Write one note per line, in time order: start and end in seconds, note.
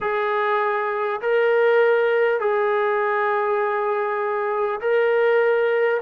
0.00 1.20 G#4
1.21 2.40 A#4
2.40 4.80 G#4
4.81 6.01 A#4